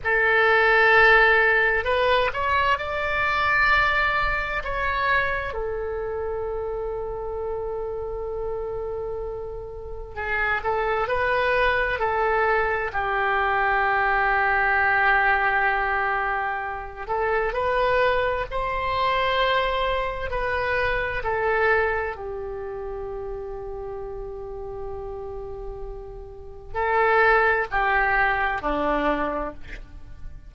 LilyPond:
\new Staff \with { instrumentName = "oboe" } { \time 4/4 \tempo 4 = 65 a'2 b'8 cis''8 d''4~ | d''4 cis''4 a'2~ | a'2. gis'8 a'8 | b'4 a'4 g'2~ |
g'2~ g'8 a'8 b'4 | c''2 b'4 a'4 | g'1~ | g'4 a'4 g'4 d'4 | }